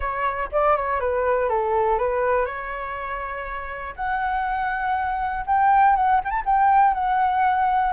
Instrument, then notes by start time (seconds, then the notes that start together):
flute
0.00 C#5
0.52 D5
0.76 C#5
0.99 B4
1.49 A4
1.98 B4
2.45 C#5
3.95 F#5
5.46 G5
5.95 F#5
6.24 G5 A5
6.45 G5
6.94 F#5